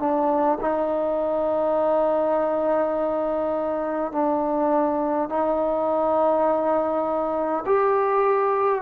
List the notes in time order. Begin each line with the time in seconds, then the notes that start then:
0.00 D4
0.61 D#4
4.12 D4
5.29 D#4
7.66 G4